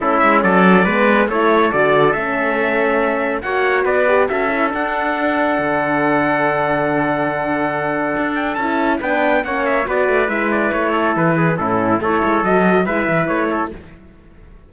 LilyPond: <<
  \new Staff \with { instrumentName = "trumpet" } { \time 4/4 \tempo 4 = 140 a'8 e''8 d''2 cis''4 | d''4 e''2. | fis''4 d''4 e''4 fis''4~ | fis''1~ |
fis''2.~ fis''8 g''8 | a''4 g''4 fis''8 e''8 d''4 | e''8 d''8 cis''4 b'4 a'4 | cis''4 dis''4 e''4 cis''4 | }
  \new Staff \with { instrumentName = "trumpet" } { \time 4/4 e'4 a'4 b'4 a'4~ | a'1 | cis''4 b'4 a'2~ | a'1~ |
a'1~ | a'4 b'4 cis''4 b'4~ | b'4. a'4 gis'8 e'4 | a'2 b'4. a'8 | }
  \new Staff \with { instrumentName = "horn" } { \time 4/4 cis'2 b4 e'4 | fis'4 cis'2. | fis'4. g'8 fis'8 e'8 d'4~ | d'1~ |
d'1 | e'4 d'4 cis'4 fis'4 | e'2. cis'4 | e'4 fis'4 e'2 | }
  \new Staff \with { instrumentName = "cello" } { \time 4/4 a8 gis8 fis4 gis4 a4 | d4 a2. | ais4 b4 cis'4 d'4~ | d'4 d2.~ |
d2. d'4 | cis'4 b4 ais4 b8 a8 | gis4 a4 e4 a,4 | a8 gis8 fis4 gis8 e8 a4 | }
>>